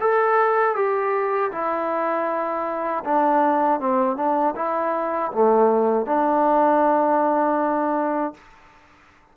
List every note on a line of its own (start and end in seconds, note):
0.00 0.75 A4
0.75 1.51 G4
1.51 3.03 E4
3.04 3.79 D4
3.79 4.16 C4
4.16 4.54 D4
4.55 5.31 E4
5.32 6.06 A3
6.06 8.34 D4